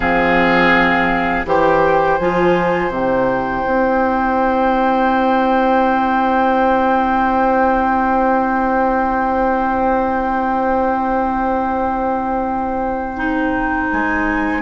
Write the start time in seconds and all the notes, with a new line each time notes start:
0.00 F3 C4 G#4 F5
1.45 E3 G4 C5 G5
2.18 F3 F4 G#5
2.89 C3 E4 G5
3.65 C4
13.16 D#4
13.91 G#3 G#5